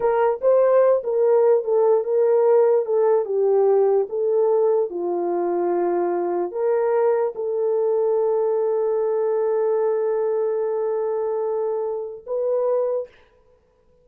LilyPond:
\new Staff \with { instrumentName = "horn" } { \time 4/4 \tempo 4 = 147 ais'4 c''4. ais'4. | a'4 ais'2 a'4 | g'2 a'2 | f'1 |
ais'2 a'2~ | a'1~ | a'1~ | a'2 b'2 | }